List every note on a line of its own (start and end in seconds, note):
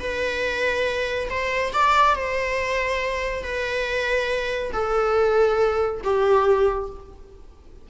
0.00 1.29 B4
1.30 1.73 C5
1.73 2.15 D5
2.15 3.43 C5
3.43 4.72 B4
4.73 6.01 A4
6.04 6.89 G4